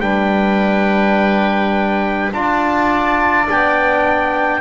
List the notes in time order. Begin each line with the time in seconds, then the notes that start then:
0.00 G3 D4 B4 G5
2.32 D4 F4 D5 A5
3.47 B3 D4 G5